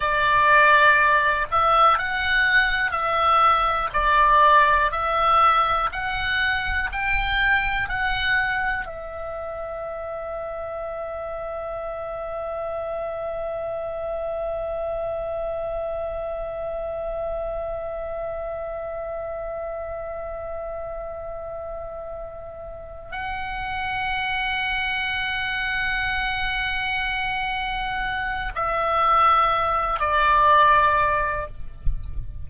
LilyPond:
\new Staff \with { instrumentName = "oboe" } { \time 4/4 \tempo 4 = 61 d''4. e''8 fis''4 e''4 | d''4 e''4 fis''4 g''4 | fis''4 e''2.~ | e''1~ |
e''1~ | e''2.~ e''8 fis''8~ | fis''1~ | fis''4 e''4. d''4. | }